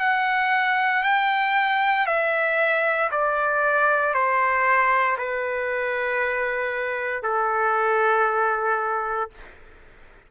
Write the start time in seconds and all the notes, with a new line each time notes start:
0.00 F#5
1.03 G5
2.07 E5
3.11 D5
4.14 C5
5.18 B4
7.23 A4